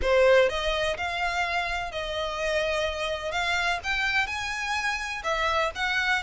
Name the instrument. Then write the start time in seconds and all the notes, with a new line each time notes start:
violin
0.02 C5
0.49 D#5
0.97 F5
1.91 D#5
3.31 F5
3.83 G5
4.27 G#5
5.23 E5
5.75 F#5